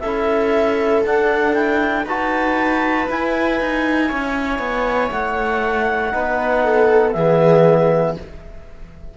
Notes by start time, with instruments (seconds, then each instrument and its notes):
0.00 cello C#4, trombone E4, viola A4, clarinet E5
1.05 trombone D4, cello D4, clarinet F#5
1.54 trombone E4, clarinet G5
2.04 cello D#4, trombone F#4, viola B4, clarinet A5
3.08 trombone E4, cello E4, clarinet G#5
3.61 cello D#4
4.08 cello C#4, viola C#5
4.59 cello B3
5.12 cello A3, clarinet F#5
6.12 cello B3, trombone D#4, viola B4
6.64 viola A4
7.12 cello E3, trombone B3, viola G#4, clarinet E5